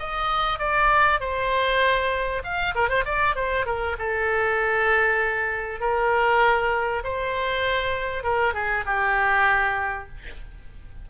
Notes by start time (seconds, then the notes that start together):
0.00 D#5
0.59 D5
1.21 C5
2.44 F5
2.76 A#4
2.89 C5
3.06 D5
3.36 C5
3.66 A#4
3.99 A4
5.81 A#4
7.04 C5
8.24 A#4
8.54 G#4
8.86 G4